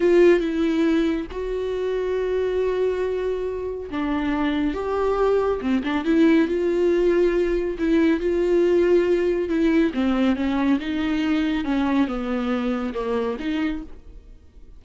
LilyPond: \new Staff \with { instrumentName = "viola" } { \time 4/4 \tempo 4 = 139 f'4 e'2 fis'4~ | fis'1~ | fis'4 d'2 g'4~ | g'4 c'8 d'8 e'4 f'4~ |
f'2 e'4 f'4~ | f'2 e'4 c'4 | cis'4 dis'2 cis'4 | b2 ais4 dis'4 | }